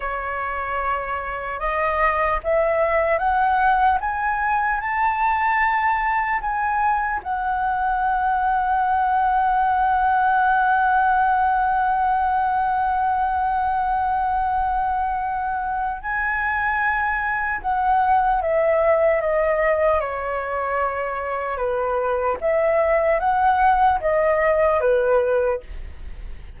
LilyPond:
\new Staff \with { instrumentName = "flute" } { \time 4/4 \tempo 4 = 75 cis''2 dis''4 e''4 | fis''4 gis''4 a''2 | gis''4 fis''2.~ | fis''1~ |
fis''1 | gis''2 fis''4 e''4 | dis''4 cis''2 b'4 | e''4 fis''4 dis''4 b'4 | }